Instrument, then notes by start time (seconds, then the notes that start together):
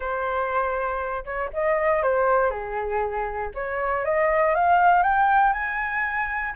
flute
0.00 C5
1.25 C#5
1.53 D#5
2.02 C5
2.50 G#4
3.54 C#5
4.05 D#5
4.54 F5
5.03 G5
5.52 G#5